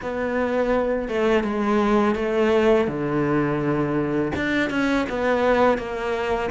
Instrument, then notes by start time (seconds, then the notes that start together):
cello
0.02 B3
1.08 A3
1.43 G#3
2.15 A3
2.87 D3
4.35 D4
4.70 C#4
5.09 B3
5.77 A#3